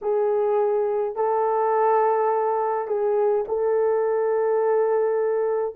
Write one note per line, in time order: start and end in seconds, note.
0.01 1.15 G#4
1.15 2.87 A4
2.87 3.45 G#4
3.48 5.75 A4